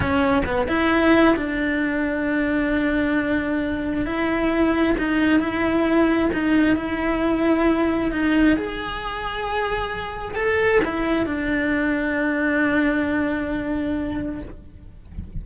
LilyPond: \new Staff \with { instrumentName = "cello" } { \time 4/4 \tempo 4 = 133 cis'4 b8 e'4. d'4~ | d'1~ | d'4 e'2 dis'4 | e'2 dis'4 e'4~ |
e'2 dis'4 gis'4~ | gis'2. a'4 | e'4 d'2.~ | d'1 | }